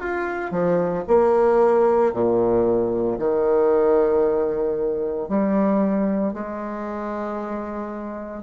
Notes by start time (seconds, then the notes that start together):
0.00 F4
0.51 F3
1.08 A#3
2.13 A#2
3.19 D#3
5.28 G3
6.33 G#3